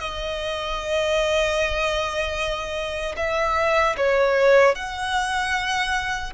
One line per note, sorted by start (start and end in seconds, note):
0.00 3.16 D#5
3.17 3.96 E5
3.97 4.75 C#5
4.75 6.33 F#5